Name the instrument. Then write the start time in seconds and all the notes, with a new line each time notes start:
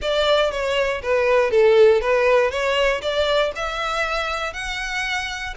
violin
0.01 D5
0.51 C#5
1.02 B4
1.50 A4
2.01 B4
2.50 C#5
3.01 D5
3.55 E5
4.53 F#5